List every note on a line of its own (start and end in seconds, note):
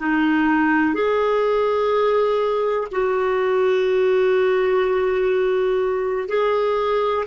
0.00 0.95 D#4
0.95 2.88 G#4
2.92 6.29 F#4
6.29 7.25 G#4